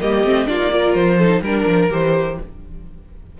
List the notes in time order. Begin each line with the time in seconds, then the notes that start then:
0.00 G3 A#3 G4 D#5
0.23 A3 C4
0.46 A#3 D4 F4 D5
0.58 D#4
0.71 F4 A#4
0.95 F3 C5
1.19 D#4 A4
1.41 G3 D4 A#4
1.66 F3
1.90 E3 G4 C5